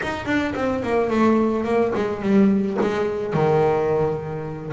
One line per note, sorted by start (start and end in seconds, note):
0.02 0.25 D#4
0.25 0.53 D4
0.55 0.83 C4
0.83 1.10 A#3
1.10 1.64 A3
1.64 1.92 A#3
1.94 2.21 G#3
2.21 2.77 G3
2.81 3.33 G#3
3.33 4.72 D#3